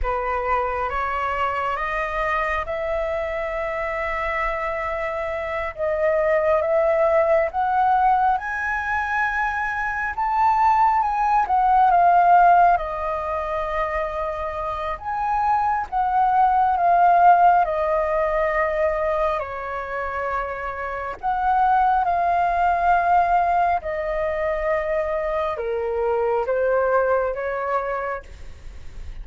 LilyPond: \new Staff \with { instrumentName = "flute" } { \time 4/4 \tempo 4 = 68 b'4 cis''4 dis''4 e''4~ | e''2~ e''8 dis''4 e''8~ | e''8 fis''4 gis''2 a''8~ | a''8 gis''8 fis''8 f''4 dis''4.~ |
dis''4 gis''4 fis''4 f''4 | dis''2 cis''2 | fis''4 f''2 dis''4~ | dis''4 ais'4 c''4 cis''4 | }